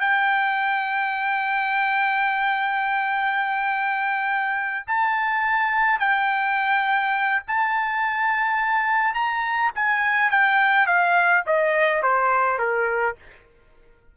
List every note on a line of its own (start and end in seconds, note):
0.00 4.86 G5
4.87 5.99 A5
5.99 7.42 G5
7.47 9.14 A5
9.14 9.71 A#5
9.75 10.31 G#5
10.31 10.86 G5
10.86 11.44 F5
11.46 12.03 D#5
12.03 12.58 C5
12.58 13.16 A#4